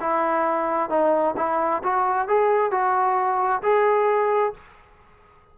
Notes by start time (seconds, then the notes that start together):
0.00 E4
0.89 D#4
1.36 E4
1.83 F#4
2.28 G#4
2.71 F#4
3.62 G#4